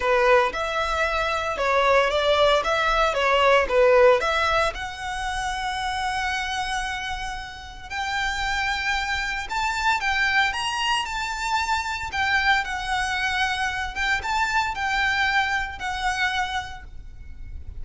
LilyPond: \new Staff \with { instrumentName = "violin" } { \time 4/4 \tempo 4 = 114 b'4 e''2 cis''4 | d''4 e''4 cis''4 b'4 | e''4 fis''2.~ | fis''2. g''4~ |
g''2 a''4 g''4 | ais''4 a''2 g''4 | fis''2~ fis''8 g''8 a''4 | g''2 fis''2 | }